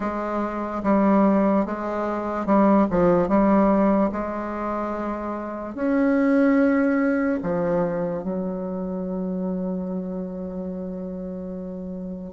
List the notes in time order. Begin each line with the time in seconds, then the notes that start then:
0.00 G#3
0.83 G3
1.65 G#3
2.46 G3
2.90 F3
3.28 G3
4.12 G#3
5.75 C#4
7.42 F3
8.23 F#3